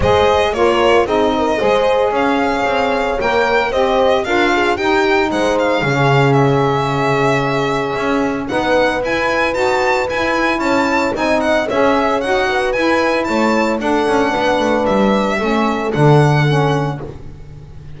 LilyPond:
<<
  \new Staff \with { instrumentName = "violin" } { \time 4/4 \tempo 4 = 113 dis''4 cis''4 dis''2 | f''2 g''4 dis''4 | f''4 g''4 fis''8 f''4. | e''1 |
fis''4 gis''4 a''4 gis''4 | a''4 gis''8 fis''8 e''4 fis''4 | gis''4 a''4 fis''2 | e''2 fis''2 | }
  \new Staff \with { instrumentName = "horn" } { \time 4/4 c''4 ais'4 gis'8 ais'8 c''4 | cis''2. c''4 | ais'8 gis'8 g'4 c''4 gis'4~ | gis'1 |
b'1 | cis''4 dis''4 cis''4. b'8~ | b'4 cis''4 a'4 b'4~ | b'4 a'2. | }
  \new Staff \with { instrumentName = "saxophone" } { \time 4/4 gis'4 f'4 dis'4 gis'4~ | gis'2 ais'4 g'4 | f'4 dis'2 cis'4~ | cis'1 |
dis'4 e'4 fis'4 e'4~ | e'4 dis'4 gis'4 fis'4 | e'2 d'2~ | d'4 cis'4 d'4 cis'4 | }
  \new Staff \with { instrumentName = "double bass" } { \time 4/4 gis4 ais4 c'4 gis4 | cis'4 c'4 ais4 c'4 | d'4 dis'4 gis4 cis4~ | cis2. cis'4 |
b4 e'4 dis'4 e'4 | cis'4 c'4 cis'4 dis'4 | e'4 a4 d'8 cis'8 b8 a8 | g4 a4 d2 | }
>>